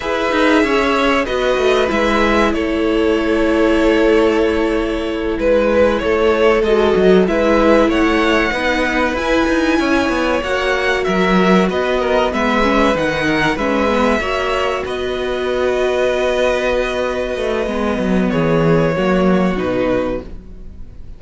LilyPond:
<<
  \new Staff \with { instrumentName = "violin" } { \time 4/4 \tempo 4 = 95 e''2 dis''4 e''4 | cis''1~ | cis''8 b'4 cis''4 dis''4 e''8~ | e''8 fis''2 gis''4.~ |
gis''8 fis''4 e''4 dis''4 e''8~ | e''8 fis''4 e''2 dis''8~ | dis''1~ | dis''4 cis''2 b'4 | }
  \new Staff \with { instrumentName = "violin" } { \time 4/4 b'4 cis''4 b'2 | a'1~ | a'8 b'4 a'2 b'8~ | b'8 cis''4 b'2 cis''8~ |
cis''4. ais'4 b'8 ais'8 b'8~ | b'4 ais'8 b'4 cis''4 b'8~ | b'1~ | b'4 gis'4 fis'2 | }
  \new Staff \with { instrumentName = "viola" } { \time 4/4 gis'2 fis'4 e'4~ | e'1~ | e'2~ e'8 fis'4 e'8~ | e'4. dis'4 e'4.~ |
e'8 fis'2. b8 | cis'8 dis'4 cis'8 b8 fis'4.~ | fis'1 | b2 ais4 dis'4 | }
  \new Staff \with { instrumentName = "cello" } { \time 4/4 e'8 dis'8 cis'4 b8 a8 gis4 | a1~ | a8 gis4 a4 gis8 fis8 gis8~ | gis8 a4 b4 e'8 dis'8 cis'8 |
b8 ais4 fis4 b4 gis8~ | gis8 dis4 gis4 ais4 b8~ | b2.~ b8 a8 | gis8 fis8 e4 fis4 b,4 | }
>>